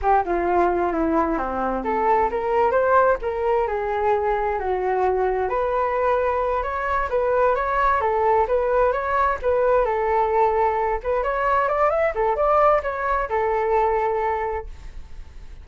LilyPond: \new Staff \with { instrumentName = "flute" } { \time 4/4 \tempo 4 = 131 g'8 f'4. e'4 c'4 | a'4 ais'4 c''4 ais'4 | gis'2 fis'2 | b'2~ b'8 cis''4 b'8~ |
b'8 cis''4 a'4 b'4 cis''8~ | cis''8 b'4 a'2~ a'8 | b'8 cis''4 d''8 e''8 a'8 d''4 | cis''4 a'2. | }